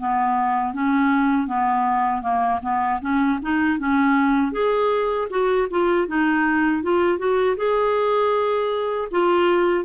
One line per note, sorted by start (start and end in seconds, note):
0.00 0.74 B3
0.74 1.47 C#4
1.47 2.22 B3
2.22 2.60 A#3
2.63 3.01 B3
3.01 3.39 C#4
3.42 3.79 D#4
3.79 4.52 C#4
4.52 5.28 G#4
5.30 5.68 F#4
5.71 6.08 F4
6.08 6.83 D#4
6.83 7.18 F4
7.18 7.56 F#4
7.57 9.09 G#4
9.11 9.85 F4